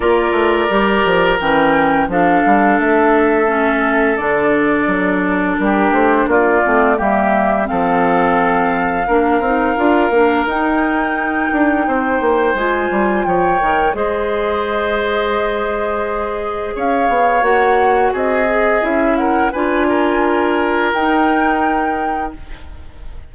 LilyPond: <<
  \new Staff \with { instrumentName = "flute" } { \time 4/4 \tempo 4 = 86 d''2 g''4 f''4 | e''2 d''2 | ais'8 c''8 d''4 e''4 f''4~ | f''2. g''4~ |
g''2 gis''4 g''4 | dis''1 | f''4 fis''4 dis''4 e''8 fis''8 | gis''2 g''2 | }
  \new Staff \with { instrumentName = "oboe" } { \time 4/4 ais'2. a'4~ | a'1 | g'4 f'4 g'4 a'4~ | a'4 ais'2.~ |
ais'4 c''2 cis''4 | c''1 | cis''2 gis'4. ais'8 | b'8 ais'2.~ ais'8 | }
  \new Staff \with { instrumentName = "clarinet" } { \time 4/4 f'4 g'4 cis'4 d'4~ | d'4 cis'4 d'2~ | d'4. c'8 ais4 c'4~ | c'4 d'8 dis'8 f'8 d'8 dis'4~ |
dis'2 f'4. ais'8 | gis'1~ | gis'4 fis'4. gis'8 e'4 | f'2 dis'2 | }
  \new Staff \with { instrumentName = "bassoon" } { \time 4/4 ais8 a8 g8 f8 e4 f8 g8 | a2 d4 fis4 | g8 a8 ais8 a8 g4 f4~ | f4 ais8 c'8 d'8 ais8 dis'4~ |
dis'8 d'8 c'8 ais8 gis8 g8 f8 dis8 | gis1 | cis'8 b8 ais4 c'4 cis'4 | d'2 dis'2 | }
>>